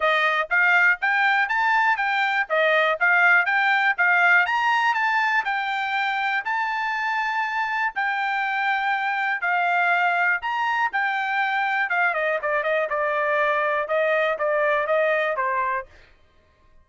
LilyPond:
\new Staff \with { instrumentName = "trumpet" } { \time 4/4 \tempo 4 = 121 dis''4 f''4 g''4 a''4 | g''4 dis''4 f''4 g''4 | f''4 ais''4 a''4 g''4~ | g''4 a''2. |
g''2. f''4~ | f''4 ais''4 g''2 | f''8 dis''8 d''8 dis''8 d''2 | dis''4 d''4 dis''4 c''4 | }